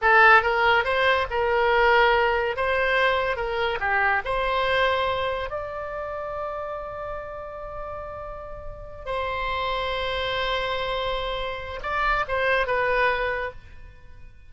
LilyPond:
\new Staff \with { instrumentName = "oboe" } { \time 4/4 \tempo 4 = 142 a'4 ais'4 c''4 ais'4~ | ais'2 c''2 | ais'4 g'4 c''2~ | c''4 d''2.~ |
d''1~ | d''4. c''2~ c''8~ | c''1 | d''4 c''4 b'2 | }